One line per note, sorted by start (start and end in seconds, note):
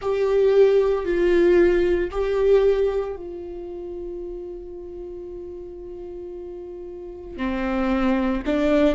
0.01 1.05 G4
1.05 2.10 F4
2.11 3.16 G4
3.16 7.37 F4
7.37 8.42 C4
8.45 8.95 D4